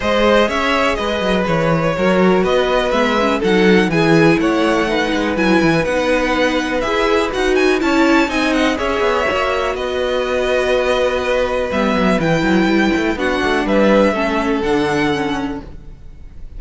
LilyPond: <<
  \new Staff \with { instrumentName = "violin" } { \time 4/4 \tempo 4 = 123 dis''4 e''4 dis''4 cis''4~ | cis''4 dis''4 e''4 fis''4 | gis''4 fis''2 gis''4 | fis''2 e''4 fis''8 gis''8 |
a''4 gis''8 fis''8 e''2 | dis''1 | e''4 g''2 fis''4 | e''2 fis''2 | }
  \new Staff \with { instrumentName = "violin" } { \time 4/4 c''4 cis''4 b'2 | ais'4 b'2 a'4 | gis'4 cis''4 b'2~ | b'1 |
cis''4 dis''4 cis''2 | b'1~ | b'2. fis'4 | b'4 a'2. | }
  \new Staff \with { instrumentName = "viola" } { \time 4/4 gis'1 | fis'2 b8 cis'8 dis'4 | e'2 dis'4 e'4 | dis'2 gis'4 fis'4 |
e'4 dis'4 gis'4 fis'4~ | fis'1 | b4 e'2 d'4~ | d'4 cis'4 d'4 cis'4 | }
  \new Staff \with { instrumentName = "cello" } { \time 4/4 gis4 cis'4 gis8 fis8 e4 | fis4 b4 gis4 fis4 | e4 a4. gis8 fis8 e8 | b2 e'4 dis'4 |
cis'4 c'4 cis'8 b8 ais4 | b1 | g8 fis8 e8 fis8 g8 a8 b8 a8 | g4 a4 d2 | }
>>